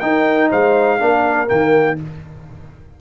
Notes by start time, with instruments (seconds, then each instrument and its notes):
0.00 tuba D#4, trombone D#4, horn A#4, trumpet G5
0.50 tuba G#3, horn C5, trumpet F5
0.99 tuba A#3, trombone D4, horn A#4
1.47 tuba D#3, trombone A#3, trumpet G5